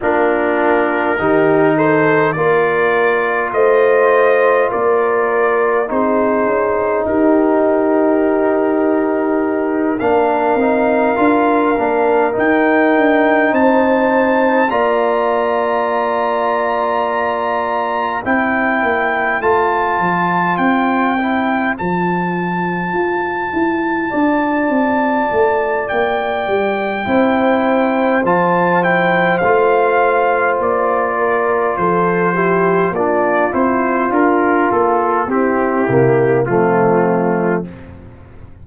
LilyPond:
<<
  \new Staff \with { instrumentName = "trumpet" } { \time 4/4 \tempo 4 = 51 ais'4. c''8 d''4 dis''4 | d''4 c''4 ais'2~ | ais'8 f''2 g''4 a''8~ | a''8 ais''2. g''8~ |
g''8 a''4 g''4 a''4.~ | a''2 g''2 | a''8 g''8 f''4 d''4 c''4 | d''8 c''8 ais'8 a'8 g'4 f'4 | }
  \new Staff \with { instrumentName = "horn" } { \time 4/4 f'4 g'8 a'8 ais'4 c''4 | ais'4 gis'4 g'2~ | g'8 ais'2. c''8~ | c''8 d''2. c''8~ |
c''1~ | c''8 d''2~ d''8 c''4~ | c''2~ c''8 ais'8 a'8 g'8 | f'2 e'4 c'4 | }
  \new Staff \with { instrumentName = "trombone" } { \time 4/4 d'4 dis'4 f'2~ | f'4 dis'2.~ | dis'8 d'8 dis'8 f'8 d'8 dis'4.~ | dis'8 f'2. e'8~ |
e'8 f'4. e'8 f'4.~ | f'2. e'4 | f'8 e'8 f'2~ f'8 e'8 | d'8 e'8 f'4 c'8 ais8 a4 | }
  \new Staff \with { instrumentName = "tuba" } { \time 4/4 ais4 dis4 ais4 a4 | ais4 c'8 cis'8 dis'2~ | dis'8 ais8 c'8 d'8 ais8 dis'8 d'8 c'8~ | c'8 ais2. c'8 |
ais8 a8 f8 c'4 f4 f'8 | e'8 d'8 c'8 a8 ais8 g8 c'4 | f4 a4 ais4 f4 | ais8 c'8 d'8 ais8 c'8 c8 f4 | }
>>